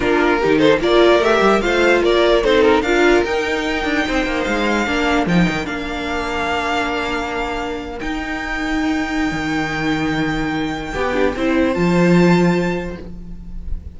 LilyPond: <<
  \new Staff \with { instrumentName = "violin" } { \time 4/4 \tempo 4 = 148 ais'4. c''8 d''4 e''4 | f''4 d''4 c''8 ais'8 f''4 | g''2. f''4~ | f''4 g''4 f''2~ |
f''2.~ f''8. g''16~ | g''1~ | g''1~ | g''4 a''2. | }
  \new Staff \with { instrumentName = "violin" } { \time 4/4 f'4 g'8 a'8 ais'2 | c''4 ais'4 a'4 ais'4~ | ais'2 c''2 | ais'1~ |
ais'1~ | ais'1~ | ais'2. g'4 | c''1 | }
  \new Staff \with { instrumentName = "viola" } { \time 4/4 d'4 dis'4 f'4 g'4 | f'2 dis'4 f'4 | dis'1 | d'4 dis'4 d'2~ |
d'2.~ d'8. dis'16~ | dis'1~ | dis'2. g'8 d'8 | e'4 f'2. | }
  \new Staff \with { instrumentName = "cello" } { \time 4/4 ais4 dis4 ais4 a8 g8 | a4 ais4 c'4 d'4 | dis'4. d'8 c'8 ais8 gis4 | ais4 f8 dis8 ais2~ |
ais2.~ ais8. dis'16~ | dis'2. dis4~ | dis2. b4 | c'4 f2. | }
>>